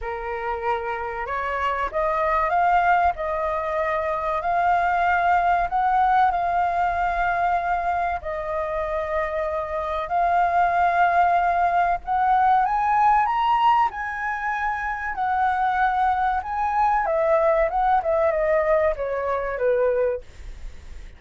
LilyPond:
\new Staff \with { instrumentName = "flute" } { \time 4/4 \tempo 4 = 95 ais'2 cis''4 dis''4 | f''4 dis''2 f''4~ | f''4 fis''4 f''2~ | f''4 dis''2. |
f''2. fis''4 | gis''4 ais''4 gis''2 | fis''2 gis''4 e''4 | fis''8 e''8 dis''4 cis''4 b'4 | }